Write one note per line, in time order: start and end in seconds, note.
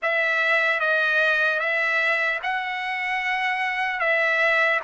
0.02 0.80 E5
0.80 1.59 D#5
1.59 2.39 E5
2.42 4.00 F#5
4.00 4.80 E5